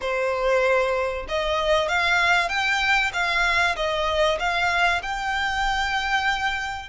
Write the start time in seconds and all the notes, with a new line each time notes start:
0.01 C5
1.28 D#5
1.88 F5
2.48 G5
3.13 F5
3.76 D#5
4.39 F5
5.02 G5